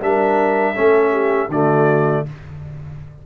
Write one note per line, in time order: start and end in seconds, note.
0.00 0.75 G3
0.00 0.75 D4
0.00 0.74 A#4
0.00 1.51 E5
0.75 1.48 A3
0.75 1.49 C#4
0.75 1.11 A4
1.11 1.48 G4
1.48 2.22 D3
1.48 2.26 A3
1.48 2.25 F#4
1.48 2.26 D5